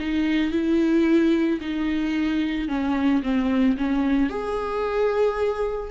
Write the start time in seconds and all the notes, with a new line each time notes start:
0.00 D#4
0.52 E4
1.61 D#4
2.69 C#4
3.23 C4
3.78 C#4
4.30 G#4